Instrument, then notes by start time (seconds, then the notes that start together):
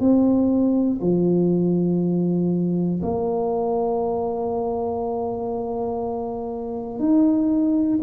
tuba
0.00 C4
1.01 F3
3.02 A#3
6.99 D#4